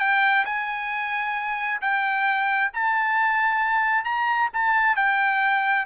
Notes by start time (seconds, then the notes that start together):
0.00 G5
0.46 G#5
1.81 G5
2.74 A5
4.05 A#5
4.54 A5
4.96 G5